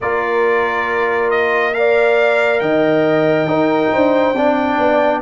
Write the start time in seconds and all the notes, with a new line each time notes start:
0.00 A#3 F4 A#4 D5
1.30 D#5
1.74 A#4 D5 F5
2.59 D#3 D#5 G5
3.45 D#4 A#4
3.92 D4 C5
4.33 C4 D4 D5
4.78 B3